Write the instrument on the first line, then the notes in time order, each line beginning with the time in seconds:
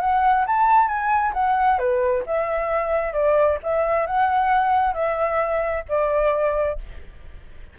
flute
0.00 F#5
0.46 A5
0.87 G#5
1.33 F#5
1.78 B4
2.26 E5
3.13 D5
3.63 E5
4.06 F#5
4.93 E5
5.88 D5